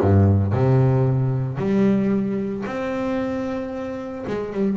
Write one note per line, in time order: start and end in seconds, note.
0.00 0.52 G2
0.52 1.57 C3
1.57 2.64 G3
2.66 4.25 C4
4.26 4.52 G#3
4.52 4.77 G3